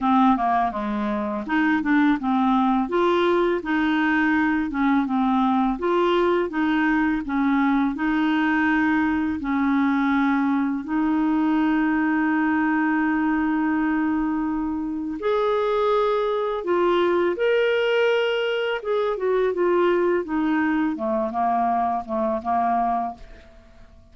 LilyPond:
\new Staff \with { instrumentName = "clarinet" } { \time 4/4 \tempo 4 = 83 c'8 ais8 gis4 dis'8 d'8 c'4 | f'4 dis'4. cis'8 c'4 | f'4 dis'4 cis'4 dis'4~ | dis'4 cis'2 dis'4~ |
dis'1~ | dis'4 gis'2 f'4 | ais'2 gis'8 fis'8 f'4 | dis'4 a8 ais4 a8 ais4 | }